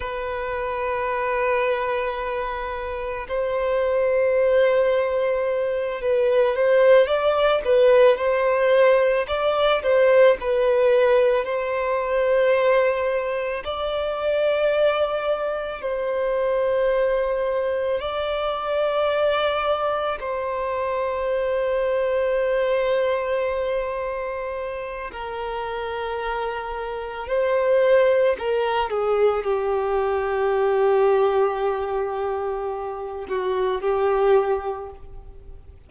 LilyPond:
\new Staff \with { instrumentName = "violin" } { \time 4/4 \tempo 4 = 55 b'2. c''4~ | c''4. b'8 c''8 d''8 b'8 c''8~ | c''8 d''8 c''8 b'4 c''4.~ | c''8 d''2 c''4.~ |
c''8 d''2 c''4.~ | c''2. ais'4~ | ais'4 c''4 ais'8 gis'8 g'4~ | g'2~ g'8 fis'8 g'4 | }